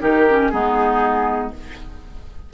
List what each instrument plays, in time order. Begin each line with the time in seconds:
0.00 bassoon D#3, clarinet D#4, oboe G4, flute A#4
0.30 clarinet C#4
0.49 bassoon G#3, clarinet B3, oboe D#4, flute G#4